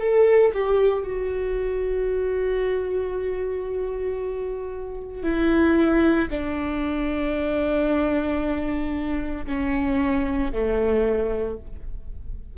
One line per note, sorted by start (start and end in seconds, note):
0.00 0.53 A4
0.54 1.03 G4
1.03 5.23 F#4
5.23 6.29 E4
6.30 9.46 D4
9.46 10.52 C#4
10.53 11.58 A3